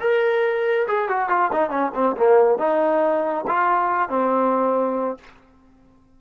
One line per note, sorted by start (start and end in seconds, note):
0.00 0.86 A#4
0.88 1.08 G#4
1.08 1.29 F#4
1.29 1.50 F4
1.52 1.70 D#4
1.70 1.91 C#4
1.94 2.15 C4
2.16 2.58 A#3
2.58 3.44 D#4
3.47 4.09 F4
4.09 5.17 C4